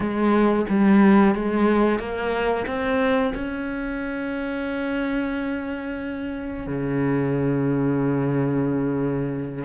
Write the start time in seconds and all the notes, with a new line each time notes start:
0.00 G#3
0.68 G3
1.35 G#3
1.99 A#3
2.66 C4
3.34 C#4
6.66 C#3